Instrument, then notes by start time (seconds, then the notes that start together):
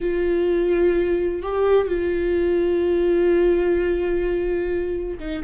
viola
0.00 F4
1.42 G4
1.87 F4
5.19 D#4